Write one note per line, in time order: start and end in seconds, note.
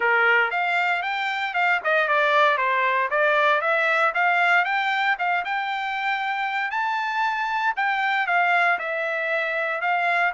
0.00 0.50 A#4
0.50 1.02 F5
1.02 1.54 G5
1.54 1.79 F5
1.83 2.08 D#5
2.08 2.57 D5
2.57 3.09 C5
3.10 3.61 D5
3.61 4.12 E5
4.14 4.64 F5
4.64 5.16 G5
5.18 5.44 F5
5.44 6.70 G5
6.70 7.74 A5
7.76 8.26 G5
8.26 8.78 F5
8.79 9.81 E5
9.81 10.32 F5